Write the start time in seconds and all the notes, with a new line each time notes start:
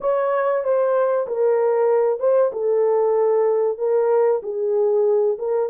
0.00 C#5
0.63 C5
1.27 A#4
2.19 C5
2.52 A4
3.78 A#4
4.42 G#4
5.38 A#4